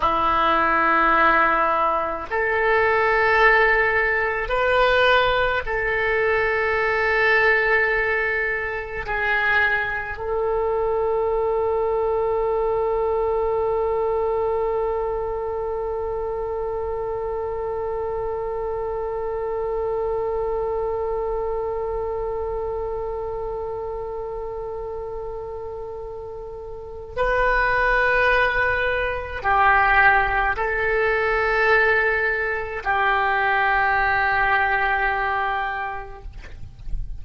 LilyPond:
\new Staff \with { instrumentName = "oboe" } { \time 4/4 \tempo 4 = 53 e'2 a'2 | b'4 a'2. | gis'4 a'2.~ | a'1~ |
a'1~ | a'1 | b'2 g'4 a'4~ | a'4 g'2. | }